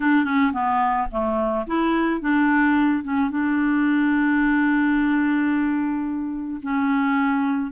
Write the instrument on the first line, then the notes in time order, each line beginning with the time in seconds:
clarinet
0.00 D4
0.24 C#4
0.52 B3
1.11 A3
1.67 E4
2.20 D4
3.03 C#4
3.30 D4
6.62 C#4